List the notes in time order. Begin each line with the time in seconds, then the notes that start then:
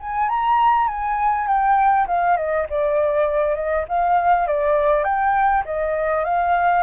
0.00 G#5
0.29 A#5
0.87 G#5
1.47 G5
2.07 F5
2.37 D#5
2.69 D5
3.55 D#5
3.88 F5
4.47 D5
5.04 G5
5.65 D#5
6.24 F5